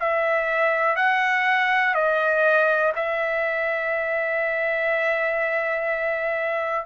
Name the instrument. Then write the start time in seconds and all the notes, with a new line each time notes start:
trumpet
0.00 E5
0.96 F#5
1.94 D#5
2.96 E5